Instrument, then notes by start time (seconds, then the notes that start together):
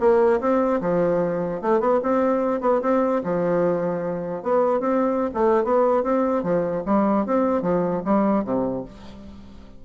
bassoon
0.00 A#3
0.40 C4
0.81 F3
1.62 A3
1.80 B3
2.03 C4
2.61 B3
2.82 C4
3.23 F3
4.43 B3
4.80 C4
5.34 A3
5.64 B3
6.03 C4
6.43 F3
6.86 G3
7.26 C4
7.62 F3
8.05 G3
8.44 C3